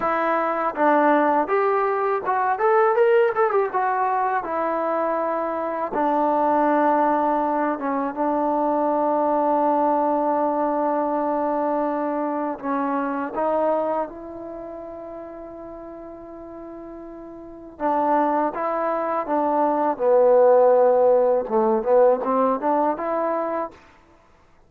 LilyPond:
\new Staff \with { instrumentName = "trombone" } { \time 4/4 \tempo 4 = 81 e'4 d'4 g'4 fis'8 a'8 | ais'8 a'16 g'16 fis'4 e'2 | d'2~ d'8 cis'8 d'4~ | d'1~ |
d'4 cis'4 dis'4 e'4~ | e'1 | d'4 e'4 d'4 b4~ | b4 a8 b8 c'8 d'8 e'4 | }